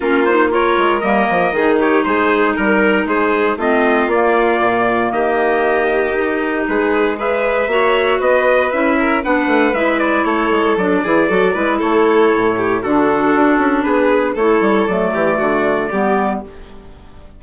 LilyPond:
<<
  \new Staff \with { instrumentName = "trumpet" } { \time 4/4 \tempo 4 = 117 ais'8 c''8 cis''4 dis''4. cis''8 | c''4 ais'4 c''4 dis''4 | d''2 dis''2~ | dis''4 b'4 e''2 |
dis''4 e''4 fis''4 e''8 d''8 | cis''4 d''2 cis''4~ | cis''4 a'2 b'4 | cis''4 d''2. | }
  \new Staff \with { instrumentName = "violin" } { \time 4/4 f'4 ais'2 gis'8 g'8 | gis'4 ais'4 gis'4 f'4~ | f'2 g'2~ | g'4 gis'4 b'4 cis''4 |
b'4. ais'8 b'2 | a'4. gis'8 a'8 b'8 a'4~ | a'8 g'8 fis'2 gis'4 | a'4. g'8 fis'4 g'4 | }
  \new Staff \with { instrumentName = "clarinet" } { \time 4/4 cis'8 dis'8 f'4 ais4 dis'4~ | dis'2. c'4 | ais1 | dis'2 gis'4 fis'4~ |
fis'4 e'4 d'4 e'4~ | e'4 d'8 e'8 fis'8 e'4.~ | e'4 d'2. | e'4 a2 b4 | }
  \new Staff \with { instrumentName = "bassoon" } { \time 4/4 ais4. gis8 g8 f8 dis4 | gis4 g4 gis4 a4 | ais4 ais,4 dis2~ | dis4 gis2 ais4 |
b4 cis'4 b8 a8 gis4 | a8 gis8 fis8 e8 fis8 gis8 a4 | a,4 d4 d'8 cis'8 b4 | a8 g8 fis8 e8 d4 g4 | }
>>